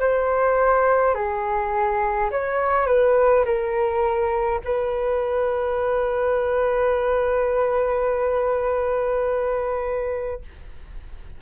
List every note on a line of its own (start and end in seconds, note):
0.00 1.15 C5
1.15 2.30 G#4
2.31 2.87 C#5
2.87 3.45 B4
3.45 4.60 A#4
4.65 10.42 B4